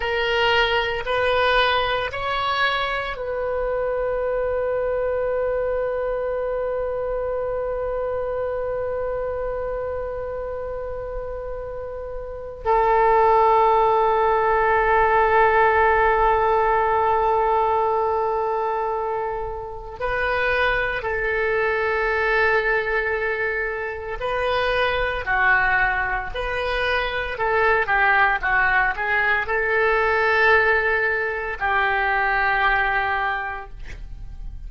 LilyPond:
\new Staff \with { instrumentName = "oboe" } { \time 4/4 \tempo 4 = 57 ais'4 b'4 cis''4 b'4~ | b'1~ | b'1 | a'1~ |
a'2. b'4 | a'2. b'4 | fis'4 b'4 a'8 g'8 fis'8 gis'8 | a'2 g'2 | }